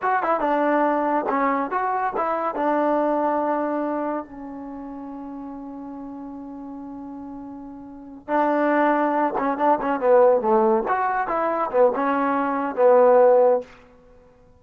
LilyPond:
\new Staff \with { instrumentName = "trombone" } { \time 4/4 \tempo 4 = 141 fis'8 e'8 d'2 cis'4 | fis'4 e'4 d'2~ | d'2 cis'2~ | cis'1~ |
cis'2.~ cis'8 d'8~ | d'2 cis'8 d'8 cis'8 b8~ | b8 a4 fis'4 e'4 b8 | cis'2 b2 | }